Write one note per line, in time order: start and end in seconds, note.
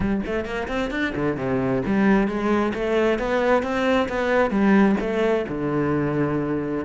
0.00 0.21 G3
0.25 0.45 A3
0.45 0.67 A#3
0.68 0.90 C4
0.90 1.13 D4
1.15 1.37 D3
1.37 1.82 C3
1.86 2.27 G3
2.27 2.73 G#3
2.74 3.18 A3
3.18 3.62 B3
3.62 4.08 C4
4.08 4.50 B3
4.50 4.95 G3
5.00 5.45 A3
5.48 6.84 D3